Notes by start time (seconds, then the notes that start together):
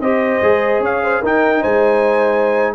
0.00 C4 G4 C5 D#5
0.42 G#3 G#4
0.79 C#4 C#5 F5
1.03 C5
1.21 D#4 A#4 G5
1.61 G#3 C5 G#5